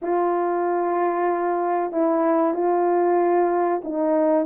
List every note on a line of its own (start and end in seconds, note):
0.02 1.92 F4
1.92 2.54 E4
2.54 3.81 F4
3.84 4.46 D#4